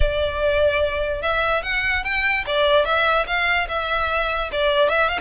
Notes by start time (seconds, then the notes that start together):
0.00 D5
1.22 E5
1.63 F#5
2.04 G5
2.46 D5
2.85 E5
3.27 F5
3.68 E5
4.52 D5
4.89 E5
5.09 F5